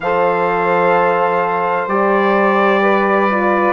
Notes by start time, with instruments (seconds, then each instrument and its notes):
0.00 bassoon F3, horn A4, saxophone C5, trumpet F5
1.87 bassoon G3, horn G4, trumpet D5
2.81 saxophone B4
3.30 horn F4